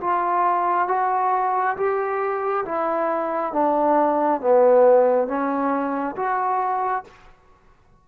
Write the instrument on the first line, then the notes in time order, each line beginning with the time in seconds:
trombone
0.00 F4
0.88 F#4
1.76 G4
2.65 E4
3.53 D4
4.41 B3
5.27 C#4
6.16 F#4